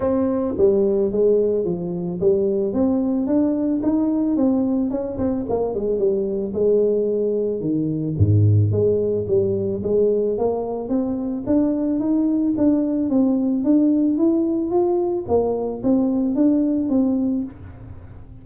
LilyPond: \new Staff \with { instrumentName = "tuba" } { \time 4/4 \tempo 4 = 110 c'4 g4 gis4 f4 | g4 c'4 d'4 dis'4 | c'4 cis'8 c'8 ais8 gis8 g4 | gis2 dis4 gis,4 |
gis4 g4 gis4 ais4 | c'4 d'4 dis'4 d'4 | c'4 d'4 e'4 f'4 | ais4 c'4 d'4 c'4 | }